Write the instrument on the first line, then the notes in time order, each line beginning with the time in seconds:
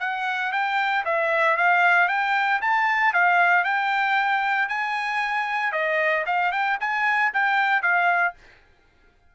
trumpet
0.00 F#5
0.52 G5
1.05 E5
1.57 F5
2.08 G5
2.61 A5
3.13 F5
3.64 G5
4.69 G#5
5.72 D#5
6.26 F5
6.52 G5
6.80 G#5
7.33 G5
7.82 F5